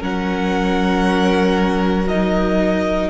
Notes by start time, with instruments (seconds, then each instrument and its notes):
0.00 cello F#3, viola C#4, violin A#4 F#5
2.08 viola D#4, violin D#5